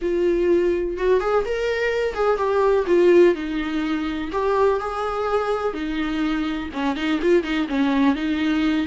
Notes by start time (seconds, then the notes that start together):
0.01 F4
0.97 F#4
1.20 G#4
1.45 A#4
2.14 G#4
2.37 G4
2.87 F4
3.34 D#4
4.32 G4
4.80 G#4
5.73 D#4
6.73 C#4
6.96 D#4
7.22 F4
7.43 D#4
7.68 C#4
8.15 D#4